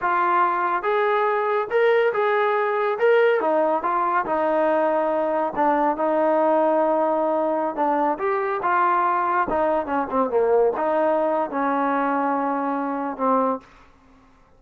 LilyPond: \new Staff \with { instrumentName = "trombone" } { \time 4/4 \tempo 4 = 141 f'2 gis'2 | ais'4 gis'2 ais'4 | dis'4 f'4 dis'2~ | dis'4 d'4 dis'2~ |
dis'2~ dis'16 d'4 g'8.~ | g'16 f'2 dis'4 cis'8 c'16~ | c'16 ais4 dis'4.~ dis'16 cis'4~ | cis'2. c'4 | }